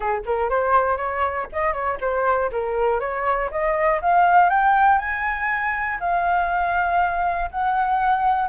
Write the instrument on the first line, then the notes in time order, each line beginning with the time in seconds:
flute
0.00 G#4
0.25 A#4
0.49 C5
0.97 C#5
1.52 D#5
1.73 C#5
2.00 C5
2.51 A#4
3.00 C#5
3.50 D#5
4.01 F5
4.49 G5
4.98 G#5
6.00 F5
7.50 F#5